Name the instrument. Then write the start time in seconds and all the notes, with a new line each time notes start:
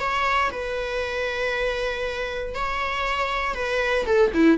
viola
0.00 C#5
0.51 B4
2.55 C#5
3.55 B4
4.06 A4
4.34 E4